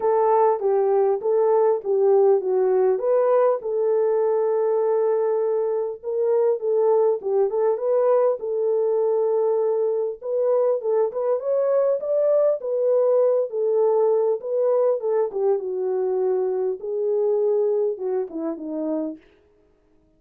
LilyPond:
\new Staff \with { instrumentName = "horn" } { \time 4/4 \tempo 4 = 100 a'4 g'4 a'4 g'4 | fis'4 b'4 a'2~ | a'2 ais'4 a'4 | g'8 a'8 b'4 a'2~ |
a'4 b'4 a'8 b'8 cis''4 | d''4 b'4. a'4. | b'4 a'8 g'8 fis'2 | gis'2 fis'8 e'8 dis'4 | }